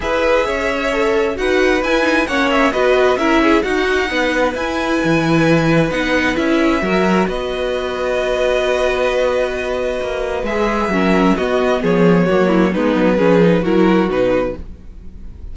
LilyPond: <<
  \new Staff \with { instrumentName = "violin" } { \time 4/4 \tempo 4 = 132 e''2. fis''4 | gis''4 fis''8 e''8 dis''4 e''4 | fis''2 gis''2~ | gis''4 fis''4 e''2 |
dis''1~ | dis''2. e''4~ | e''4 dis''4 cis''2 | b'2 ais'4 b'4 | }
  \new Staff \with { instrumentName = "violin" } { \time 4/4 b'4 cis''2 b'4~ | b'4 cis''4 b'4 ais'8 gis'8 | fis'4 b'2.~ | b'2. ais'4 |
b'1~ | b'1 | ais'4 fis'4 gis'4 fis'8 e'8 | dis'4 gis'4 fis'2 | }
  \new Staff \with { instrumentName = "viola" } { \time 4/4 gis'2 a'4 fis'4 | e'8 dis'8 cis'4 fis'4 e'4 | dis'2 e'2~ | e'4 dis'4 e'4 fis'4~ |
fis'1~ | fis'2. gis'4 | cis'4 b2 ais4 | b4 cis'8 dis'8 e'4 dis'4 | }
  \new Staff \with { instrumentName = "cello" } { \time 4/4 e'4 cis'2 dis'4 | e'4 ais4 b4 cis'4 | dis'4 b4 e'4 e4~ | e4 b4 cis'4 fis4 |
b1~ | b2 ais4 gis4 | fis4 b4 f4 fis4 | gis8 fis8 f4 fis4 b,4 | }
>>